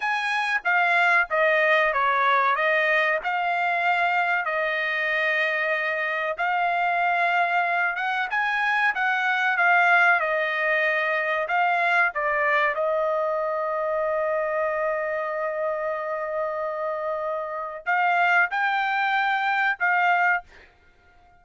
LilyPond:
\new Staff \with { instrumentName = "trumpet" } { \time 4/4 \tempo 4 = 94 gis''4 f''4 dis''4 cis''4 | dis''4 f''2 dis''4~ | dis''2 f''2~ | f''8 fis''8 gis''4 fis''4 f''4 |
dis''2 f''4 d''4 | dis''1~ | dis''1 | f''4 g''2 f''4 | }